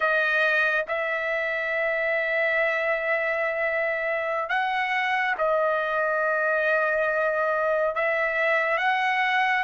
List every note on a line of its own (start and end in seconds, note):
0.00 0.85 D#5
0.88 4.49 E5
4.49 5.35 F#5
5.38 7.95 D#5
7.95 8.77 E5
8.77 9.63 F#5